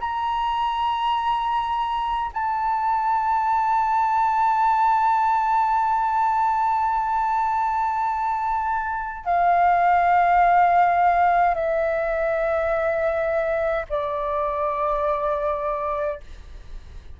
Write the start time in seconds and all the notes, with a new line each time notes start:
0.00 A#5
2.33 A5
9.25 F5
11.54 E5
13.89 D5